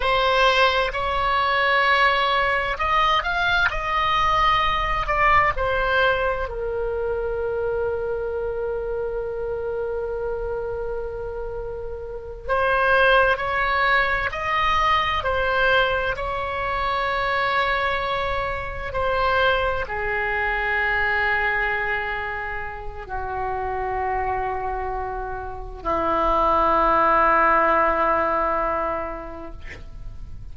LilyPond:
\new Staff \with { instrumentName = "oboe" } { \time 4/4 \tempo 4 = 65 c''4 cis''2 dis''8 f''8 | dis''4. d''8 c''4 ais'4~ | ais'1~ | ais'4. c''4 cis''4 dis''8~ |
dis''8 c''4 cis''2~ cis''8~ | cis''8 c''4 gis'2~ gis'8~ | gis'4 fis'2. | e'1 | }